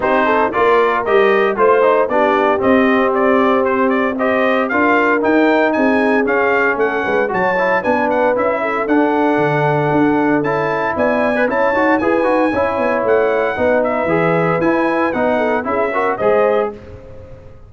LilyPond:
<<
  \new Staff \with { instrumentName = "trumpet" } { \time 4/4 \tempo 4 = 115 c''4 d''4 dis''4 c''4 | d''4 dis''4 d''4 c''8 d''8 | dis''4 f''4 g''4 gis''4 | f''4 fis''4 a''4 gis''8 fis''8 |
e''4 fis''2. | a''4 gis''4 a''4 gis''4~ | gis''4 fis''4. e''4. | gis''4 fis''4 e''4 dis''4 | }
  \new Staff \with { instrumentName = "horn" } { \time 4/4 g'8 a'8 ais'2 c''4 | g'1 | c''4 ais'2 gis'4~ | gis'4 a'8 b'8 cis''4 b'4~ |
b'8 a'2.~ a'8~ | a'4 d''4 cis''4 b'4 | cis''2 b'2~ | b'4. a'8 gis'8 ais'8 c''4 | }
  \new Staff \with { instrumentName = "trombone" } { \time 4/4 dis'4 f'4 g'4 f'8 dis'8 | d'4 c'2. | g'4 f'4 dis'2 | cis'2 fis'8 e'8 d'4 |
e'4 d'2. | e'4.~ e'16 b'16 e'8 fis'8 gis'8 fis'8 | e'2 dis'4 gis'4 | e'4 dis'4 e'8 fis'8 gis'4 | }
  \new Staff \with { instrumentName = "tuba" } { \time 4/4 c'4 ais4 g4 a4 | b4 c'2.~ | c'4 d'4 dis'4 c'4 | cis'4 a8 gis8 fis4 b4 |
cis'4 d'4 d4 d'4 | cis'4 b4 cis'8 dis'8 e'8 dis'8 | cis'8 b8 a4 b4 e4 | e'4 b4 cis'4 gis4 | }
>>